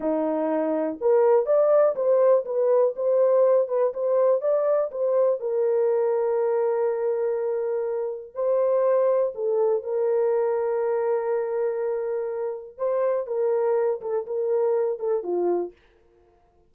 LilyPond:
\new Staff \with { instrumentName = "horn" } { \time 4/4 \tempo 4 = 122 dis'2 ais'4 d''4 | c''4 b'4 c''4. b'8 | c''4 d''4 c''4 ais'4~ | ais'1~ |
ais'4 c''2 a'4 | ais'1~ | ais'2 c''4 ais'4~ | ais'8 a'8 ais'4. a'8 f'4 | }